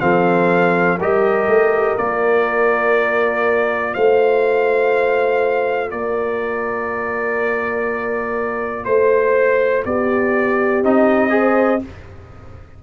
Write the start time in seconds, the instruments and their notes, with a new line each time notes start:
0.00 tuba F3, trombone C4, horn A4, trumpet F5
0.98 tuba G3, trombone G4, horn A#4, trumpet D#5
1.47 tuba A3
1.97 tuba A#3, trombone F4, trumpet D5
3.94 tuba A3, horn C5, trumpet F5
5.91 tuba A#3, horn A#4, trumpet D5
8.85 tuba A3, trumpet C5, horn C5
9.85 tuba B3, horn G4, trumpet D5
10.83 tuba C4, trombone D#4, trumpet D#5
11.30 trombone G#4, horn C5